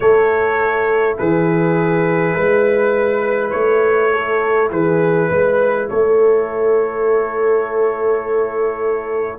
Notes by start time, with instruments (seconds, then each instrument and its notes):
0.00 tuba A3, trombone E4, horn A4, trumpet C#5
1.18 tuba E3, horn G#4, trumpet B4
2.34 tuba G#3, horn B4
3.50 tuba A3, trumpet C#5
4.12 horn A4
4.71 tuba E3, horn G#4, trumpet B4
5.29 tuba G#3, horn B4
5.88 tuba A3, horn A4, trumpet C#5